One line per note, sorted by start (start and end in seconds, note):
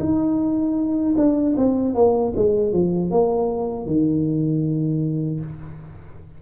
0.00 1.15 D#4
1.17 1.56 D4
1.57 1.95 C4
1.95 2.33 A#3
2.36 2.73 G#3
2.73 3.11 F3
3.11 3.87 A#3
3.87 5.41 D#3